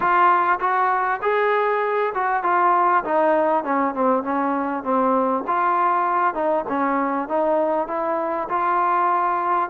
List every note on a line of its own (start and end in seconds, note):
0.00 0.59 F4
0.60 1.20 F#4
1.22 2.13 G#4
2.14 2.43 F#4
2.43 3.03 F4
3.04 3.64 D#4
3.64 3.94 C#4
3.94 4.23 C4
4.23 4.83 C#4
4.83 5.44 C4
5.47 6.34 F4
6.34 6.64 D#4
6.68 7.28 C#4
7.28 7.87 D#4
7.87 8.48 E4
8.49 9.69 F4